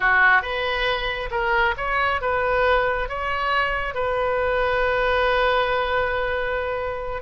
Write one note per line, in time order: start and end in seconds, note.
0.00 0.42 F#4
0.42 1.29 B4
1.31 1.74 A#4
1.77 2.21 C#5
2.21 3.08 B4
3.08 3.94 C#5
3.94 7.22 B4